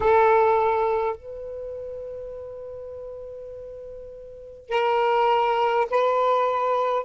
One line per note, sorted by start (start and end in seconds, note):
0.00 1.16 A4
1.16 4.68 B4
4.68 5.86 A#4
5.90 7.04 B4